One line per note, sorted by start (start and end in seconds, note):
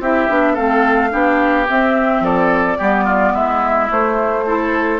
0.00 0.28 C4
0.00 0.30 E4
0.00 0.54 G4
0.00 0.56 E5
0.30 0.57 B3
0.30 0.57 D4
0.54 1.13 A3
0.54 1.11 C4
0.54 1.09 A4
0.54 1.67 F5
1.11 1.69 B3
1.11 1.67 D4
1.11 2.24 G4
1.70 2.79 C4
1.70 2.21 C4
1.70 2.25 E5
2.21 2.77 F3
2.21 2.79 A4
2.21 3.35 D5
2.79 3.35 G3
2.79 3.89 B3
2.79 3.05 G4
3.05 3.33 F4
3.34 3.90 G#3
3.34 4.45 E4
3.34 3.91 E5
3.89 4.44 A3
3.89 5.00 A3
3.89 5.00 C5
4.47 5.00 E4
4.47 5.00 A4